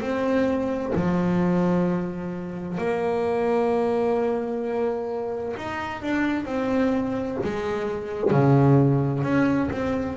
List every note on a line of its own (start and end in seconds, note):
0.00 0.92 C4
0.95 2.78 F3
2.78 5.55 A#3
5.57 6.02 D#4
6.02 6.45 D4
6.45 7.37 C4
7.43 8.31 G#3
8.31 9.23 C#3
9.23 9.69 C#4
9.70 10.17 C4